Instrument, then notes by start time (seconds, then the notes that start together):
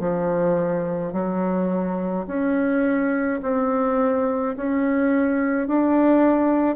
bassoon
0.00 F3
1.13 F#3
2.27 C#4
3.42 C4
4.57 C#4
5.68 D4